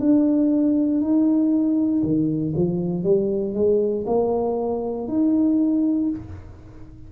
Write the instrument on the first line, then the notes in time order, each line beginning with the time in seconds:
tuba
0.00 D4
1.02 D#4
2.03 D#3
2.57 F3
3.04 G3
3.55 G#3
4.07 A#3
5.08 D#4